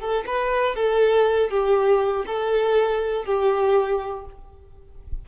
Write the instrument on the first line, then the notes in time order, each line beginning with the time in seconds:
violin
0.00 A4
0.27 B4
0.76 A4
1.51 G4
2.27 A4
3.25 G4